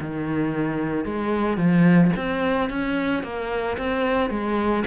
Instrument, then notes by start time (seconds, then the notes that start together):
cello
0.00 D#3
1.05 G#3
1.57 F3
2.16 C4
2.70 C#4
3.23 A#3
3.77 C4
4.30 G#3